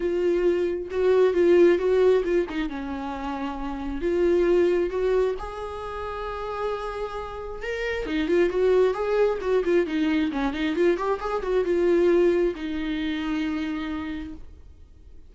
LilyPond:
\new Staff \with { instrumentName = "viola" } { \time 4/4 \tempo 4 = 134 f'2 fis'4 f'4 | fis'4 f'8 dis'8 cis'2~ | cis'4 f'2 fis'4 | gis'1~ |
gis'4 ais'4 dis'8 f'8 fis'4 | gis'4 fis'8 f'8 dis'4 cis'8 dis'8 | f'8 g'8 gis'8 fis'8 f'2 | dis'1 | }